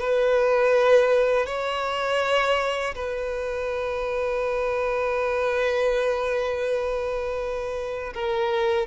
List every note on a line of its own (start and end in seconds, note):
0.00 1.46 B4
1.46 2.95 C#5
2.95 8.13 B4
8.14 8.87 A#4